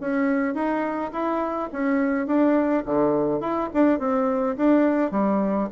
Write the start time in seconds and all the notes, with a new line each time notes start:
0.00 C#4
0.54 D#4
1.12 E4
1.72 C#4
2.26 D4
2.85 D3
3.40 E4
3.74 D4
3.99 C4
4.56 D4
5.11 G3